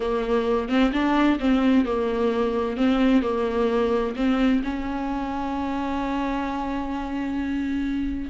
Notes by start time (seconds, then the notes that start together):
0.00 A#3
0.68 C4
0.92 D4
1.39 C4
1.85 A#3
2.77 C4
3.22 A#3
4.16 C4
4.63 C#4